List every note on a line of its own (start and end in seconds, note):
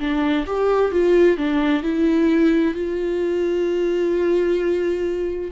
0.00 0.46 D4
0.47 0.92 G4
0.92 1.37 F4
1.37 1.83 D4
1.83 2.75 E4
2.75 5.52 F4